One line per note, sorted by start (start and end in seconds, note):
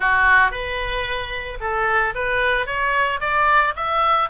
0.00 0.51 F#4
0.51 1.58 B4
1.60 2.14 A4
2.14 2.66 B4
2.66 3.20 C#5
3.20 3.74 D5
3.75 4.29 E5